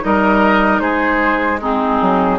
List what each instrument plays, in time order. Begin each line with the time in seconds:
0.00 bassoon G3, clarinet D#4, oboe A#4, flute D#5
0.80 bassoon G#3, oboe G#4, flute C5
1.60 clarinet C4, oboe D#4, flute G#4
2.01 bassoon F#3